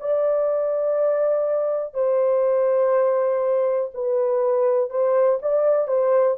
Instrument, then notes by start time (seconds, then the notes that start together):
horn
0.00 D5
1.94 C5
3.94 B4
4.90 C5
5.41 D5
5.87 C5